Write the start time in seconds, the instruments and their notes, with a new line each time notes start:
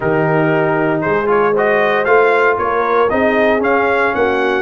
0.00 tuba D#3, trombone D#4, horn G4, trumpet A#4
1.01 tuba G#3, horn G#4, trumpet C5
1.26 trombone F4, trumpet C#5
1.53 trombone F#4, horn C5, trumpet D#5
2.05 tuba A3, trombone F4, trumpet F5
2.57 tuba A#3, horn A#4, trumpet C#5
3.09 tuba C4, trombone D#4, horn G#4, trumpet D#5
3.59 trombone C#4, tuba C#4, trumpet F5
4.14 tuba A#3, horn F#4, trumpet F#5